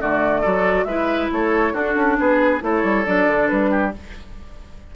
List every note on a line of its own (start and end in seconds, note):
0.00 0.45 D3
0.00 0.43 A3
0.00 0.41 F#4
0.00 0.84 D5
0.41 0.85 F#3
0.41 0.87 F#4
0.41 0.84 A4
0.84 1.28 G#3
0.84 1.75 E4
0.84 1.31 B4
0.84 1.28 E5
1.32 1.73 A3
1.32 1.73 A4
1.32 1.75 C#5
1.73 1.95 D4
1.73 2.61 D4
1.73 2.16 F#4
1.73 2.18 A4
1.96 2.18 C#4
2.19 2.62 B3
2.19 2.63 G#4
2.19 2.63 B4
2.61 2.83 A3
2.61 3.04 E4
2.61 3.71 A4
2.61 3.06 C#5
2.83 3.05 G3
3.06 3.27 F#3
3.06 3.93 D4
3.06 3.48 D5
3.27 3.49 D3
3.48 3.95 G3
3.48 3.91 B4
3.71 3.92 G4